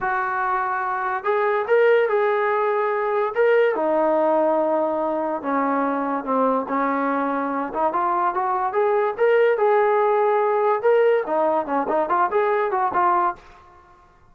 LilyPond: \new Staff \with { instrumentName = "trombone" } { \time 4/4 \tempo 4 = 144 fis'2. gis'4 | ais'4 gis'2. | ais'4 dis'2.~ | dis'4 cis'2 c'4 |
cis'2~ cis'8 dis'8 f'4 | fis'4 gis'4 ais'4 gis'4~ | gis'2 ais'4 dis'4 | cis'8 dis'8 f'8 gis'4 fis'8 f'4 | }